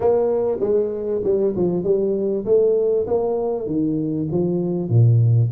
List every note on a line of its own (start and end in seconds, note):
0.00 0.58 A#3
0.60 1.21 G#3
1.24 1.54 G3
1.56 1.83 F3
1.83 2.44 G3
2.45 3.06 A3
3.06 3.66 A#3
3.66 4.27 D#3
4.31 4.89 F3
4.89 5.50 A#2